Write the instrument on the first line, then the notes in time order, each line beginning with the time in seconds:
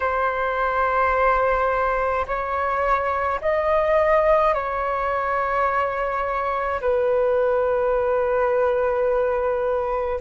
flute
0.00 C5
2.26 C#5
3.41 D#5
4.53 C#5
6.80 B4